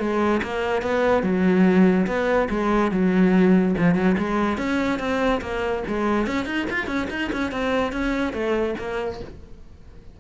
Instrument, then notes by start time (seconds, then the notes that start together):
cello
0.00 G#3
0.43 A#3
0.83 B3
1.23 F#3
2.07 B3
2.50 G#3
2.92 F#3
3.78 F3
3.95 F#3
4.18 G#3
4.58 C#4
5.00 C4
5.42 A#3
5.88 G#3
6.27 C#4
6.46 D#4
6.70 F4
6.87 C#4
7.10 D#4
7.33 C#4
7.52 C4
7.93 C#4
8.34 A3
8.79 A#3